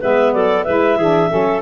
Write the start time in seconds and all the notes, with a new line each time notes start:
0.00 G#3 B3 B4 E5
0.33 F#3 A4 D5
0.64 G#3 E4 B4 E5
0.97 E3 D4 G#4
1.30 F#3 C#4 A4